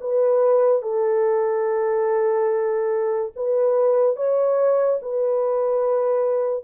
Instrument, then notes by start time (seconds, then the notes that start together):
horn
0.00 B4
0.82 A4
3.35 B4
4.16 C#5
5.01 B4